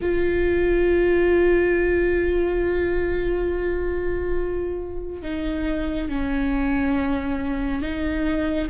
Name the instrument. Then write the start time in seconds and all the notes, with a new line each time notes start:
viola
0.01 F4
5.22 D#4
6.08 C#4
7.81 D#4